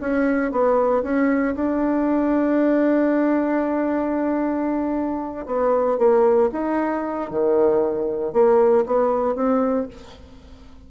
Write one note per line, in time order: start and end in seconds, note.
0.00 0.51 C#4
0.51 1.02 B3
1.02 1.55 C#4
1.55 5.46 D4
5.46 5.98 B3
5.98 6.50 A#3
6.52 7.30 D#4
7.30 8.32 D#3
8.32 8.85 A#3
8.86 9.35 B3
9.35 9.87 C4